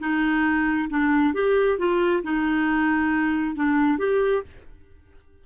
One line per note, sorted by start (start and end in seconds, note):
0.00 0.89 D#4
0.89 1.34 D4
1.34 1.78 G4
1.78 2.23 F4
2.23 3.56 D#4
3.56 3.98 D4
3.98 4.43 G4